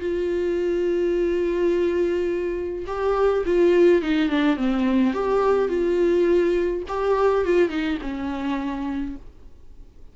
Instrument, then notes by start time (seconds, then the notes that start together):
viola
0.00 F4
2.87 G4
3.46 F4
4.02 D#4
4.30 D4
4.57 C4
5.14 G4
5.69 F4
6.89 G4
7.45 F4
7.70 D#4
8.02 C#4